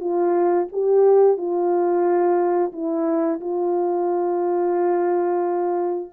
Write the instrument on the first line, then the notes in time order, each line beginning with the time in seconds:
horn
0.00 F4
0.72 G4
1.38 F4
2.73 E4
3.40 F4